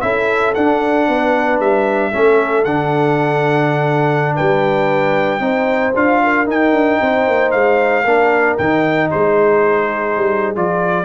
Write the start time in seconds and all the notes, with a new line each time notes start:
0.00 C#4 E4 A4 E5
0.54 D4 F#5
1.08 B3 B4
1.59 G3 E5
2.11 A3 C#4 A4
2.64 D3 D4 F#5
4.34 G3 B4 G5
5.39 C4 D#4 C5
5.95 D4 F4 F5
6.23 A#4
6.46 D#4 G5
6.72 D4
7.00 C4 C5
7.27 A#3
7.51 G#3 F5
8.03 A#3 D4 A#4
8.57 D#3 D#4 G5
9.10 G#3 G#4 C5
10.16 G3
10.55 F3 F4 D5